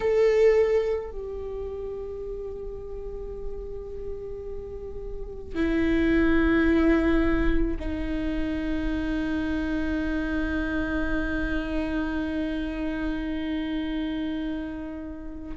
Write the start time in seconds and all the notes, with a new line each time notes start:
0.00 A4
1.11 G4
5.55 E4
7.79 D#4